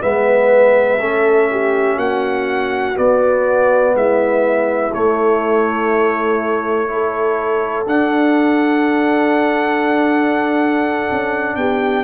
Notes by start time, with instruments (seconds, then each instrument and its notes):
0.00 tuba G#3, trombone B3, horn B4, trumpet E5
1.00 tuba A3, trombone C#4, horn A4
1.51 horn G4
1.96 tuba A#3, horn F#4, trumpet F#5
2.94 trombone B3, tuba B3, trumpet D5
3.94 tuba G#3, horn E4, trumpet E5
4.93 trombone A3, tuba A3, trumpet C#5
6.87 trombone E4, horn A4
7.86 tuba D4, trombone D4, trumpet F#5
11.11 tuba C#4
11.55 tuba B3, horn G4, trumpet G5